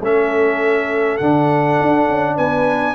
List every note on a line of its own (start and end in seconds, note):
0.00 1.18 A3
0.00 1.20 C#4
0.00 2.36 A4
0.00 1.17 E5
1.17 1.79 D3
1.17 2.94 D4
1.17 2.35 F#5
1.80 2.08 D4
2.08 2.37 C#4
2.36 2.94 B3
2.36 2.94 B4
2.36 2.94 G#5